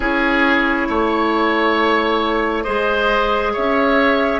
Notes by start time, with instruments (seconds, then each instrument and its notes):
0.00 bassoon C#4, clarinet E4, oboe G#4, flute C#5
0.88 bassoon A3, oboe C#5
2.63 bassoon G#3, clarinet G#4, oboe C5, flute D#5
3.52 bassoon C#4, oboe C#5, flute E5